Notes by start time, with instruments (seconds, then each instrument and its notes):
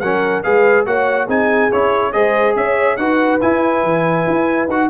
0.00 tuba F#3, trombone C#4, horn A#4, trumpet F#5
0.43 tuba G#3, trombone G#4, horn B4, trumpet F5
0.86 tuba A#3, trombone F#4, horn C#5, trumpet F#5
1.27 tuba C4, trombone D#4, horn G#4, trumpet G#5
1.72 tuba C#4, trombone E4, trumpet C#5
2.12 tuba G#3, trombone G#4, horn C5, trumpet D#5
2.56 tuba C#4, horn C#5, trumpet E5
2.97 tuba D#4, trombone F#4, horn B4, trumpet F#5
3.41 trombone E4, tuba E4, trumpet G#5
3.84 tuba E3
4.27 tuba E4
4.68 tuba D#4, trombone F#4, trumpet F#5